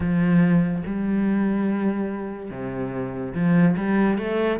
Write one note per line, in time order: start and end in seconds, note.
0.00 0.82 F3
0.86 2.50 G3
2.50 3.33 C3
3.34 3.75 F3
3.76 4.18 G3
4.18 4.59 A3